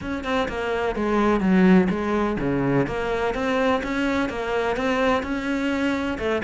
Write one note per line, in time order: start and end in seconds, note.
0.01 0.24 C#4
0.24 0.48 C4
0.48 0.95 A#3
0.95 1.40 G#3
1.40 1.87 F#3
1.89 2.37 G#3
2.39 2.86 C#3
2.86 3.34 A#3
3.34 3.81 C4
3.83 4.29 C#4
4.29 4.76 A#3
4.76 5.23 C4
5.23 6.18 C#4
6.18 6.42 A3